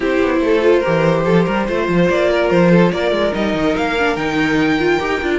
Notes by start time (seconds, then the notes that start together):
0.00 C4 E4 G4 C5
0.22 B3
0.40 A3 A4
0.61 F4
0.79 G4 A#4
0.86 E3
1.24 F3 A4
1.45 G3 A#4
1.68 A3 F4 C5
1.88 F3
2.09 A#3 D5
2.30 A#4
2.50 F3 C5
2.71 A4
2.91 A#3 A#4 D5
3.11 G#3
3.32 G3 D#4 D#5
3.53 D#3
3.76 A#3 F5
3.99 D4
4.16 D#3 D#4 G5
4.79 F4
4.99 D#4 G4
5.22 D4 F4